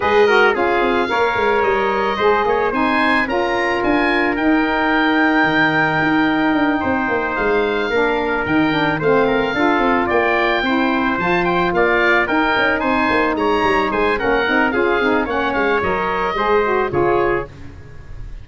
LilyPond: <<
  \new Staff \with { instrumentName = "oboe" } { \time 4/4 \tempo 4 = 110 dis''4 f''2 dis''4~ | dis''4 gis''4 ais''4 gis''4 | g''1~ | g''4. f''2 g''8~ |
g''8 f''2 g''4.~ | g''8 a''8 g''8 f''4 g''4 gis''8~ | gis''8 ais''4 gis''8 fis''4 f''4 | fis''8 f''8 dis''2 cis''4 | }
  \new Staff \with { instrumentName = "trumpet" } { \time 4/4 b'8 ais'8 gis'4 cis''2 | c''8 cis''8 c''4 ais'2~ | ais'1~ | ais'8 c''2 ais'4.~ |
ais'8 c''8 ais'8 a'4 d''4 c''8~ | c''4. d''4 ais'4 c''8~ | c''8 cis''4 c''8 ais'4 gis'4 | cis''2 c''4 gis'4 | }
  \new Staff \with { instrumentName = "saxophone" } { \time 4/4 gis'8 fis'8 f'4 ais'2 | gis'4 dis'4 f'2 | dis'1~ | dis'2~ dis'8 d'4 dis'8 |
d'8 c'4 f'2 e'8~ | e'8 f'2 dis'4.~ | dis'2 cis'8 dis'8 f'8 dis'8 | cis'4 ais'4 gis'8 fis'8 f'4 | }
  \new Staff \with { instrumentName = "tuba" } { \time 4/4 gis4 cis'8 c'8 ais8 gis8 g4 | gis8 ais8 c'4 cis'4 d'4 | dis'2 dis4 dis'4 | d'8 c'8 ais8 gis4 ais4 dis8~ |
dis8 a4 d'8 c'8 ais4 c'8~ | c'8 f4 ais4 dis'8 cis'8 c'8 | ais8 gis8 g8 gis8 ais8 c'8 cis'8 c'8 | ais8 gis8 fis4 gis4 cis4 | }
>>